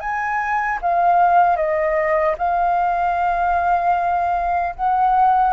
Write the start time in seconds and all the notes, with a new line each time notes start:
0.00 G#5
0.82 F5
1.56 D#5
2.38 F5
4.76 F#5